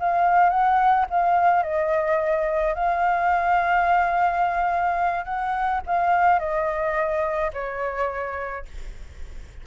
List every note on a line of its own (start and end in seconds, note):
0.00 0.50 F5
0.50 1.06 F#5
1.11 1.63 F5
1.63 2.75 D#5
2.75 5.25 F5
5.25 5.81 F#5
5.87 6.40 F5
6.40 7.52 D#5
7.54 8.66 C#5